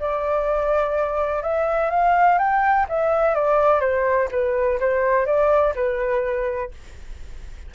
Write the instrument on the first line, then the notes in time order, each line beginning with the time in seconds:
flute
0.00 D5
1.43 E5
1.91 F5
2.39 G5
2.89 E5
3.35 D5
3.81 C5
4.32 B4
4.80 C5
5.26 D5
5.75 B4